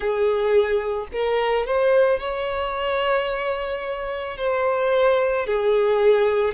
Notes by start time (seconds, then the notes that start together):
0.00 G#4
1.12 A#4
1.66 C5
2.19 C#5
4.37 C5
5.46 G#4